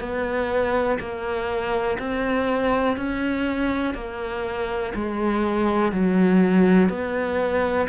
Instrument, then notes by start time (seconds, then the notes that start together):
cello
0.00 B3
0.99 A#3
1.99 C4
2.97 C#4
3.94 A#3
4.94 G#3
5.92 F#3
6.89 B3